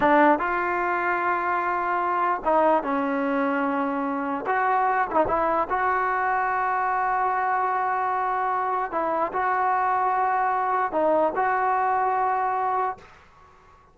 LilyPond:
\new Staff \with { instrumentName = "trombone" } { \time 4/4 \tempo 4 = 148 d'4 f'2.~ | f'2 dis'4 cis'4~ | cis'2. fis'4~ | fis'8 e'16 dis'16 e'4 fis'2~ |
fis'1~ | fis'2 e'4 fis'4~ | fis'2. dis'4 | fis'1 | }